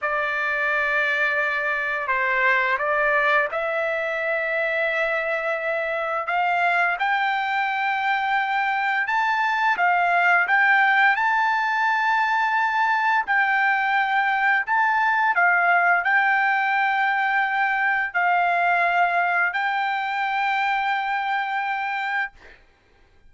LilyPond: \new Staff \with { instrumentName = "trumpet" } { \time 4/4 \tempo 4 = 86 d''2. c''4 | d''4 e''2.~ | e''4 f''4 g''2~ | g''4 a''4 f''4 g''4 |
a''2. g''4~ | g''4 a''4 f''4 g''4~ | g''2 f''2 | g''1 | }